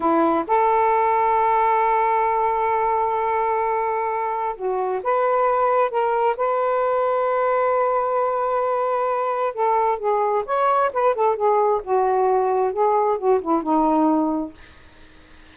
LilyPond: \new Staff \with { instrumentName = "saxophone" } { \time 4/4 \tempo 4 = 132 e'4 a'2.~ | a'1~ | a'2 fis'4 b'4~ | b'4 ais'4 b'2~ |
b'1~ | b'4 a'4 gis'4 cis''4 | b'8 a'8 gis'4 fis'2 | gis'4 fis'8 e'8 dis'2 | }